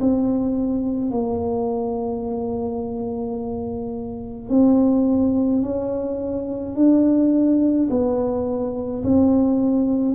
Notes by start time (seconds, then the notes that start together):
0.00 C4
1.11 A#3
4.49 C4
5.62 C#4
6.75 D4
7.90 B3
9.04 C4